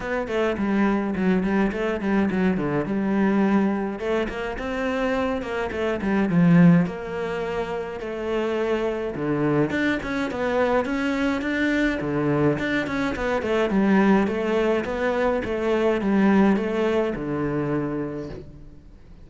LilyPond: \new Staff \with { instrumentName = "cello" } { \time 4/4 \tempo 4 = 105 b8 a8 g4 fis8 g8 a8 g8 | fis8 d8 g2 a8 ais8 | c'4. ais8 a8 g8 f4 | ais2 a2 |
d4 d'8 cis'8 b4 cis'4 | d'4 d4 d'8 cis'8 b8 a8 | g4 a4 b4 a4 | g4 a4 d2 | }